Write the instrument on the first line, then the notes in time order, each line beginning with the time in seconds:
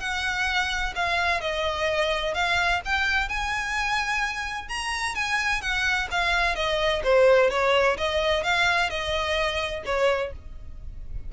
violin
0.00 F#5
0.95 F5
1.41 D#5
2.34 F5
2.85 G5
3.29 G#5
4.69 A#5
5.15 G#5
5.61 F#5
6.11 F5
6.56 D#5
7.04 C5
7.50 C#5
7.98 D#5
8.44 F5
8.90 D#5
9.86 C#5